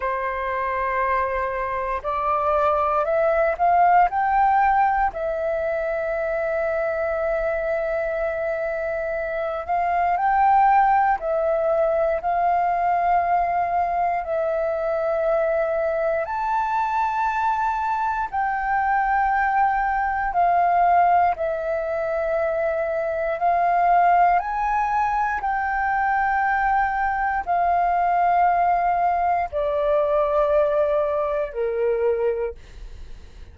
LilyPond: \new Staff \with { instrumentName = "flute" } { \time 4/4 \tempo 4 = 59 c''2 d''4 e''8 f''8 | g''4 e''2.~ | e''4. f''8 g''4 e''4 | f''2 e''2 |
a''2 g''2 | f''4 e''2 f''4 | gis''4 g''2 f''4~ | f''4 d''2 ais'4 | }